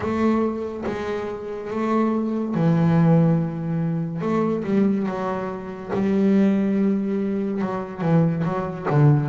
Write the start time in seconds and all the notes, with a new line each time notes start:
0.00 A3
0.86 G#3
1.70 A3
2.54 E3
4.21 A3
4.64 G3
5.06 F#3
5.93 G3
7.61 F#3
8.01 E3
8.44 F#3
8.90 D3